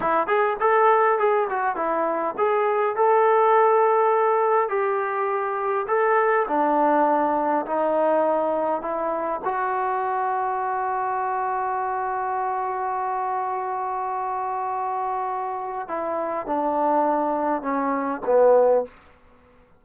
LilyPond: \new Staff \with { instrumentName = "trombone" } { \time 4/4 \tempo 4 = 102 e'8 gis'8 a'4 gis'8 fis'8 e'4 | gis'4 a'2. | g'2 a'4 d'4~ | d'4 dis'2 e'4 |
fis'1~ | fis'1~ | fis'2. e'4 | d'2 cis'4 b4 | }